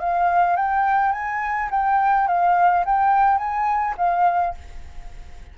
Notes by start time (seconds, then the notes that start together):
0.00 F5
0.57 G5
1.13 G#5
1.71 G5
2.28 F5
2.86 G5
3.38 G#5
3.98 F5